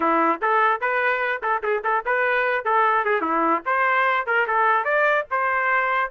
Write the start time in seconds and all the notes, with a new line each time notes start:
0.00 E4
0.41 A4
0.81 B4
1.42 A4
1.63 G#4
1.84 A4
2.05 B4
2.65 A4
3.04 G#4
3.21 E4
3.65 C5
4.26 A#4
4.47 A4
4.84 D5
5.30 C5